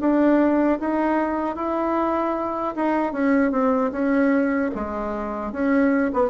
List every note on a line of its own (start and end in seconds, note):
0.00 0.79 D4
0.80 1.55 D#4
1.55 2.74 E4
2.76 3.13 D#4
3.13 3.51 C#4
3.51 3.91 C4
3.92 4.70 C#4
4.75 5.52 G#3
5.52 6.11 C#4
6.13 6.30 B3